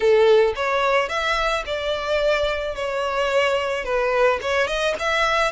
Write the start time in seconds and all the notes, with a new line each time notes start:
0.00 A4
0.55 C#5
1.08 E5
1.65 D5
2.75 C#5
3.84 B4
4.41 C#5
4.67 D#5
4.99 E5